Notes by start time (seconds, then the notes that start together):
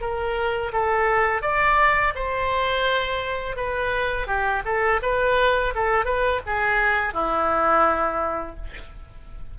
0.00 A#4
0.72 A4
1.42 D5
2.15 C5
3.56 B4
4.27 G4
4.65 A4
5.02 B4
5.75 A4
6.05 B4
6.46 G#4
7.13 E4